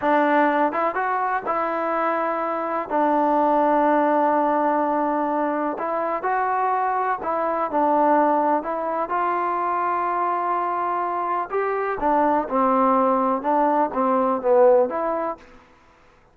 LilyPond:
\new Staff \with { instrumentName = "trombone" } { \time 4/4 \tempo 4 = 125 d'4. e'8 fis'4 e'4~ | e'2 d'2~ | d'1 | e'4 fis'2 e'4 |
d'2 e'4 f'4~ | f'1 | g'4 d'4 c'2 | d'4 c'4 b4 e'4 | }